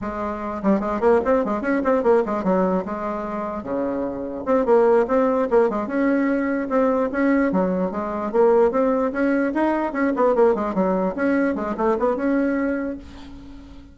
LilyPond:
\new Staff \with { instrumentName = "bassoon" } { \time 4/4 \tempo 4 = 148 gis4. g8 gis8 ais8 c'8 gis8 | cis'8 c'8 ais8 gis8 fis4 gis4~ | gis4 cis2 c'8 ais8~ | ais8 c'4 ais8 gis8 cis'4.~ |
cis'8 c'4 cis'4 fis4 gis8~ | gis8 ais4 c'4 cis'4 dis'8~ | dis'8 cis'8 b8 ais8 gis8 fis4 cis'8~ | cis'8 gis8 a8 b8 cis'2 | }